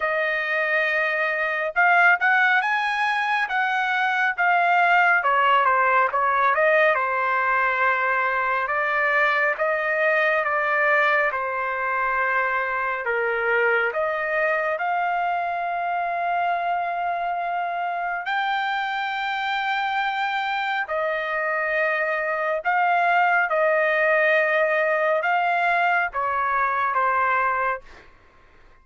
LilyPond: \new Staff \with { instrumentName = "trumpet" } { \time 4/4 \tempo 4 = 69 dis''2 f''8 fis''8 gis''4 | fis''4 f''4 cis''8 c''8 cis''8 dis''8 | c''2 d''4 dis''4 | d''4 c''2 ais'4 |
dis''4 f''2.~ | f''4 g''2. | dis''2 f''4 dis''4~ | dis''4 f''4 cis''4 c''4 | }